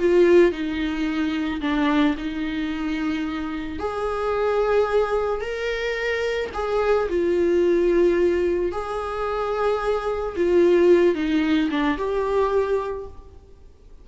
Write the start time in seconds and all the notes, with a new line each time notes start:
0.00 F4
0.52 D#4
1.62 D4
2.18 D#4
3.80 G#4
5.41 A#4
6.54 G#4
7.10 F4
8.72 G#4
10.37 F4
11.15 D#4
11.71 D4
11.98 G4